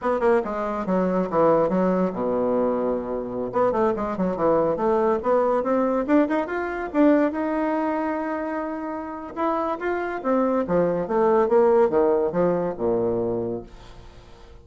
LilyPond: \new Staff \with { instrumentName = "bassoon" } { \time 4/4 \tempo 4 = 141 b8 ais8 gis4 fis4 e4 | fis4 b,2.~ | b,16 b8 a8 gis8 fis8 e4 a8.~ | a16 b4 c'4 d'8 dis'8 f'8.~ |
f'16 d'4 dis'2~ dis'8.~ | dis'2 e'4 f'4 | c'4 f4 a4 ais4 | dis4 f4 ais,2 | }